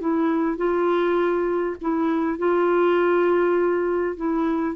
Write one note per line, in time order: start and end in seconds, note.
0.00 0.57 E4
0.57 1.76 F4
1.81 2.38 E4
2.38 4.16 F4
4.16 4.75 E4